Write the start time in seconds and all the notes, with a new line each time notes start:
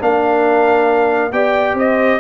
0.00 A#3 D4 A#4 F5
1.32 B3 G4 D5 G5
1.74 C4 C5 D#5